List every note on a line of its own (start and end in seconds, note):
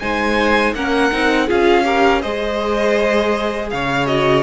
0.00 0.75 G#3
0.00 0.75 D#4
0.00 0.76 C5
0.00 0.74 G#5
0.75 1.12 A#3
0.75 1.12 C#4
0.75 1.47 A#4
0.75 1.49 F#5
1.12 1.50 C4
1.12 1.49 D#4
1.47 2.24 C#4
1.47 1.85 F4
1.47 1.84 G#4
1.47 2.22 F5
1.85 2.22 G4
1.85 2.22 A#4
2.22 3.73 G#3
2.22 4.07 G#4
2.22 3.70 C5
2.22 3.70 D#5
3.70 4.43 C#3
3.70 4.43 C#5
3.70 4.07 F5
4.07 4.43 F#4
4.07 4.43 D#5